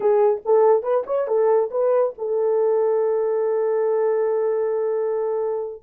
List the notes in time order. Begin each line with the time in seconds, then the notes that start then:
0.00 G#4
0.45 A4
0.82 B4
1.06 C#5
1.27 A4
1.71 B4
2.17 A4